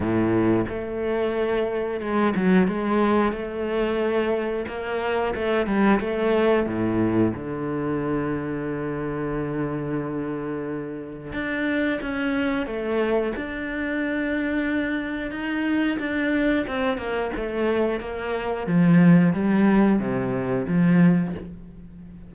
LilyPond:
\new Staff \with { instrumentName = "cello" } { \time 4/4 \tempo 4 = 90 a,4 a2 gis8 fis8 | gis4 a2 ais4 | a8 g8 a4 a,4 d4~ | d1~ |
d4 d'4 cis'4 a4 | d'2. dis'4 | d'4 c'8 ais8 a4 ais4 | f4 g4 c4 f4 | }